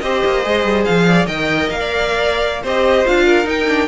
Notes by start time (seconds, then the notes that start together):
0.00 C4 G4 C5 D#5
0.24 A#3
0.43 G#3 G#4
0.64 G3
0.85 F3 F5
1.07 D5
1.26 D#3 A#4 D#5 G5
1.69 A#3 F5
1.80 D5
2.62 C4 G4 C5 D#5
3.05 D4 F4 F5
3.25 A#4
3.44 D#4 G5
3.68 D4